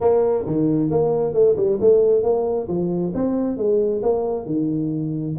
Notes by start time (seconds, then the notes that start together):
0.01 A#3
0.46 D#3
0.90 A#3
1.33 A3
1.56 G3
1.80 A3
2.22 A#3
2.68 F3
3.14 C4
3.57 G#3
4.02 A#3
4.45 D#3